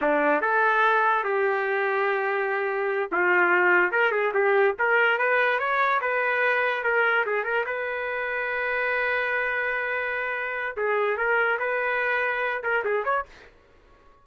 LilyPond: \new Staff \with { instrumentName = "trumpet" } { \time 4/4 \tempo 4 = 145 d'4 a'2 g'4~ | g'2.~ g'8 f'8~ | f'4. ais'8 gis'8 g'4 ais'8~ | ais'8 b'4 cis''4 b'4.~ |
b'8 ais'4 gis'8 ais'8 b'4.~ | b'1~ | b'2 gis'4 ais'4 | b'2~ b'8 ais'8 gis'8 cis''8 | }